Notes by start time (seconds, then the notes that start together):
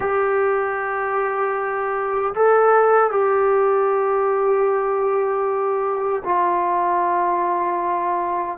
0.00 G4
2.34 A4
3.11 G4
6.24 F4